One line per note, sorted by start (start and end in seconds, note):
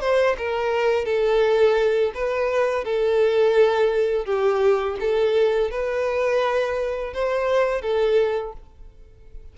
0.00 0.36 C5
0.37 1.05 A#4
1.05 2.12 A4
2.14 2.84 B4
2.84 4.25 A4
4.25 4.96 G4
5.00 5.70 A4
5.70 7.13 B4
7.13 7.81 C5
7.81 8.53 A4